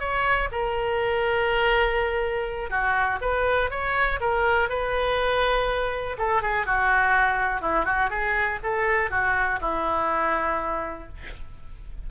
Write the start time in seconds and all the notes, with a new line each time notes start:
0.00 C#5
0.52 A#4
2.70 F#4
3.21 B4
3.71 C#5
4.21 A#4
4.69 B4
6.18 A4
6.43 G#4
6.66 F#4
7.62 E4
7.86 F#4
8.11 G#4
8.64 A4
9.11 F#4
9.61 E4